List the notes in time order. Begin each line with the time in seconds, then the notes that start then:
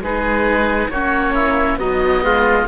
0.00 G#3 D#4 G#4 B4
0.89 A#3 C#4 F#4 C#5
1.34 E4
1.77 F#3 B3 D#4 D#5
2.23 G#3 F4